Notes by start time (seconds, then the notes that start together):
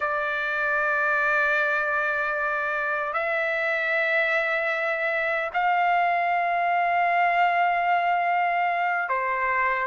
0.00 D5
3.13 E5
5.53 F5
9.09 C5